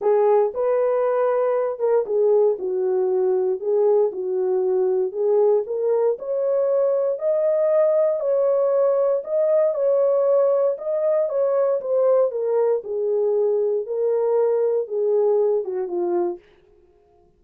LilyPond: \new Staff \with { instrumentName = "horn" } { \time 4/4 \tempo 4 = 117 gis'4 b'2~ b'8 ais'8 | gis'4 fis'2 gis'4 | fis'2 gis'4 ais'4 | cis''2 dis''2 |
cis''2 dis''4 cis''4~ | cis''4 dis''4 cis''4 c''4 | ais'4 gis'2 ais'4~ | ais'4 gis'4. fis'8 f'4 | }